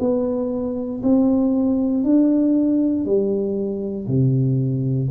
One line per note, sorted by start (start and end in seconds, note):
0.00 1.02 B3
1.03 2.04 C4
2.04 3.05 D4
3.05 4.07 G3
4.08 5.09 C3